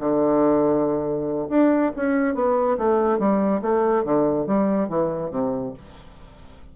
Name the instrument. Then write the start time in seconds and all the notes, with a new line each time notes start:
bassoon
0.00 D3
1.50 D4
1.97 C#4
2.35 B3
2.78 A3
3.19 G3
3.62 A3
4.05 D3
4.47 G3
4.89 E3
5.31 C3